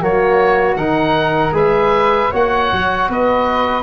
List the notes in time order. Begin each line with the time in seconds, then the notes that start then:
0.00 F#3 A#3 F#4 C#5
0.76 D#3 D#4 A#4 F#5
1.52 G#3 G#4 B4 E5
2.31 A#3 F#4 C#5 F#5
2.72 F#3
3.09 B3 B4 D#5